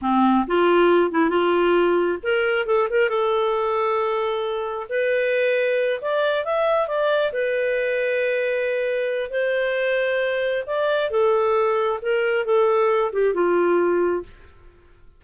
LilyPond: \new Staff \with { instrumentName = "clarinet" } { \time 4/4 \tempo 4 = 135 c'4 f'4. e'8 f'4~ | f'4 ais'4 a'8 ais'8 a'4~ | a'2. b'4~ | b'4. d''4 e''4 d''8~ |
d''8 b'2.~ b'8~ | b'4 c''2. | d''4 a'2 ais'4 | a'4. g'8 f'2 | }